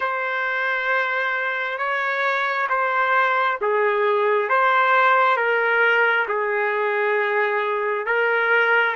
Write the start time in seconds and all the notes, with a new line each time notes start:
0.00 C5
1.77 C#5
2.69 C5
3.61 G#4
4.49 C5
5.36 A#4
6.28 G#4
8.06 A#4